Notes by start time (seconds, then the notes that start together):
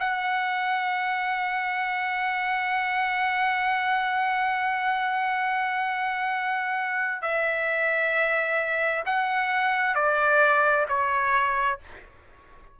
0.00 F#5
7.22 E5
9.06 F#5
9.95 D5
10.89 C#5